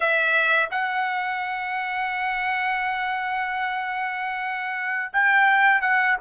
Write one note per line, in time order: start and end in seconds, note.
0.00 0.69 E5
0.70 5.11 F#5
5.12 5.81 G5
5.81 6.16 F#5